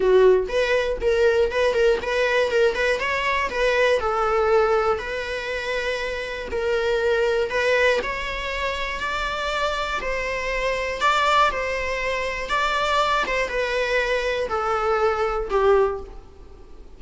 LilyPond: \new Staff \with { instrumentName = "viola" } { \time 4/4 \tempo 4 = 120 fis'4 b'4 ais'4 b'8 ais'8 | b'4 ais'8 b'8 cis''4 b'4 | a'2 b'2~ | b'4 ais'2 b'4 |
cis''2 d''2 | c''2 d''4 c''4~ | c''4 d''4. c''8 b'4~ | b'4 a'2 g'4 | }